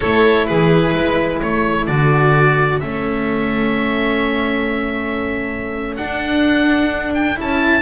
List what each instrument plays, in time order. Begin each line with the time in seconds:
0.00 double bass A3, cello E4, violin A4, oboe C#5
0.46 double bass E3, violin G#4, oboe B4
0.93 double bass G#3, violin B4
1.41 double bass A3, violin A4, oboe C#5
1.86 double bass D3, cello F#4, oboe D5
2.79 double bass A3, cello C#4, oboe E5
5.96 cello D4, double bass D4, oboe F#5
7.14 oboe G5
7.35 double bass C#4, cello E4, oboe A5